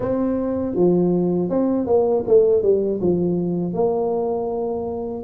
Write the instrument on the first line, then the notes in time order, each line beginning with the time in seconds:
tuba
0.00 C4
0.75 F3
1.49 C4
1.86 A#3
2.27 A3
2.62 G3
3.00 F3
3.73 A#3